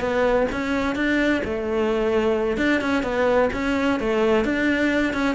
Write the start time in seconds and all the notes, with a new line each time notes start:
0.00 B3
0.51 C#4
0.95 D4
1.44 A3
2.57 D4
2.81 C#4
3.03 B3
3.53 C#4
4.00 A3
4.45 D4
5.13 C#4